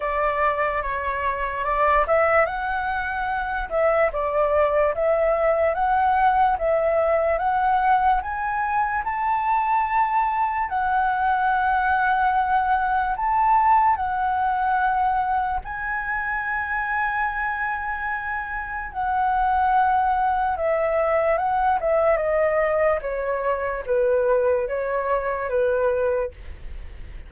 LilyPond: \new Staff \with { instrumentName = "flute" } { \time 4/4 \tempo 4 = 73 d''4 cis''4 d''8 e''8 fis''4~ | fis''8 e''8 d''4 e''4 fis''4 | e''4 fis''4 gis''4 a''4~ | a''4 fis''2. |
a''4 fis''2 gis''4~ | gis''2. fis''4~ | fis''4 e''4 fis''8 e''8 dis''4 | cis''4 b'4 cis''4 b'4 | }